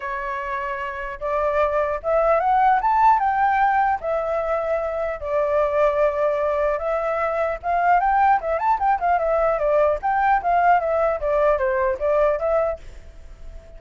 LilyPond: \new Staff \with { instrumentName = "flute" } { \time 4/4 \tempo 4 = 150 cis''2. d''4~ | d''4 e''4 fis''4 a''4 | g''2 e''2~ | e''4 d''2.~ |
d''4 e''2 f''4 | g''4 e''8 a''8 g''8 f''8 e''4 | d''4 g''4 f''4 e''4 | d''4 c''4 d''4 e''4 | }